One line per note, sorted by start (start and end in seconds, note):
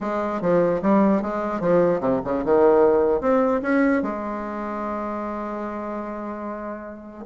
0.01 0.41 G#3
0.41 0.81 F3
0.82 1.22 G3
1.22 1.60 G#3
1.60 2.00 F3
2.00 2.20 C3
2.24 2.44 C#3
2.44 3.20 D#3
3.20 3.61 C4
3.61 4.02 C#4
4.02 7.24 G#3